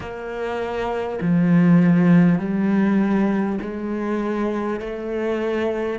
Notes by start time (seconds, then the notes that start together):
0.00 A#3
1.21 F3
2.38 G3
3.61 G#3
4.80 A3